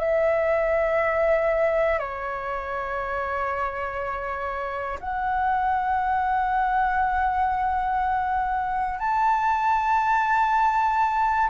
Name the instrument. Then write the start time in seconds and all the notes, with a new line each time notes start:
flute
0.00 E5
2.00 C#5
5.01 F#5
9.00 A5